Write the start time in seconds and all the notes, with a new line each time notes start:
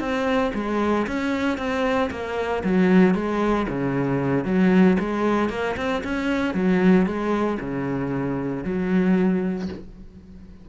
0.00 C4
0.54 G#3
1.07 C#4
1.58 C4
2.11 A#3
2.64 F#3
3.15 G#3
3.69 C#3
4.45 F#3
4.99 G#3
5.50 A#3
5.77 C4
6.04 C#4
6.54 F#3
7.06 G#3
7.60 C#3
8.64 F#3